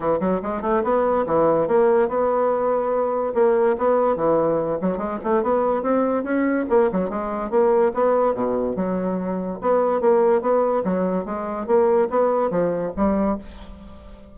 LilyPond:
\new Staff \with { instrumentName = "bassoon" } { \time 4/4 \tempo 4 = 144 e8 fis8 gis8 a8 b4 e4 | ais4 b2. | ais4 b4 e4. fis8 | gis8 a8 b4 c'4 cis'4 |
ais8 fis8 gis4 ais4 b4 | b,4 fis2 b4 | ais4 b4 fis4 gis4 | ais4 b4 f4 g4 | }